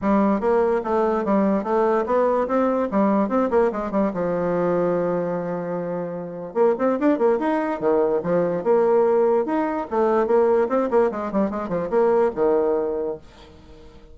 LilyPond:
\new Staff \with { instrumentName = "bassoon" } { \time 4/4 \tempo 4 = 146 g4 ais4 a4 g4 | a4 b4 c'4 g4 | c'8 ais8 gis8 g8 f2~ | f1 |
ais8 c'8 d'8 ais8 dis'4 dis4 | f4 ais2 dis'4 | a4 ais4 c'8 ais8 gis8 g8 | gis8 f8 ais4 dis2 | }